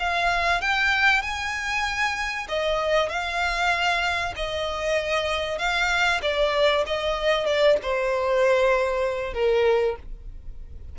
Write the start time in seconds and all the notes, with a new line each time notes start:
0.00 F5
0.62 G5
1.22 G#5
2.49 D#5
3.10 F5
4.37 D#5
5.59 F5
6.22 D5
6.87 D#5
7.46 D5
7.83 C5
9.34 A#4